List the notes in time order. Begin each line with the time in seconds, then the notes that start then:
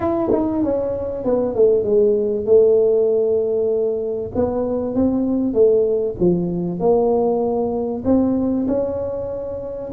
0.00 E4
0.32 D#4
0.63 C#4
1.24 B3
1.55 A3
1.83 G#3
2.45 A3
4.35 B3
4.94 C4
5.53 A3
6.19 F3
6.79 A#3
8.04 C4
8.67 C#4